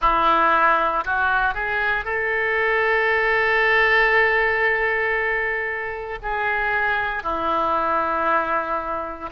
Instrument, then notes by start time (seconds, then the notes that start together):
oboe
0.00 E4
1.04 F#4
1.54 G#4
2.05 A4
6.22 G#4
7.23 E4